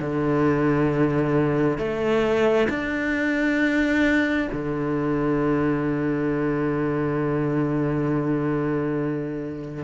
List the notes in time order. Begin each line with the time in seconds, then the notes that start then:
0.00 D3
1.78 A3
2.69 D4
4.52 D3